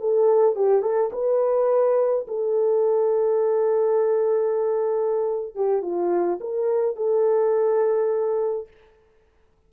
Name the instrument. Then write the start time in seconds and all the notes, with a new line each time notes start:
horn
0.00 A4
0.56 G4
0.82 A4
1.12 B4
2.28 A4
5.55 G4
5.82 F4
6.41 A#4
6.96 A4